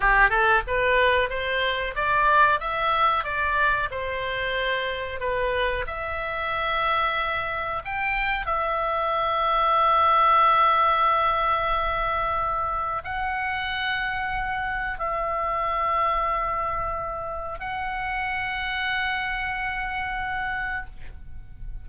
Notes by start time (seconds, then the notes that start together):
0.00 G4
0.29 A4
0.67 B4
1.29 C5
1.95 D5
2.60 E5
3.24 D5
3.90 C5
5.20 B4
5.86 E5
7.84 G5
8.45 E5
13.03 F#5
14.99 E5
17.59 F#5